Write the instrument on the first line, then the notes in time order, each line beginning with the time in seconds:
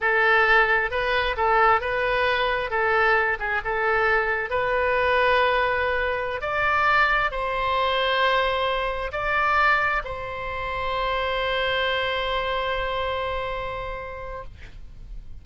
oboe
0.00 A4
0.90 B4
1.37 A4
1.80 B4
2.70 A4
3.39 G#4
3.64 A4
4.50 B4
6.41 D5
7.31 C5
9.12 D5
10.04 C5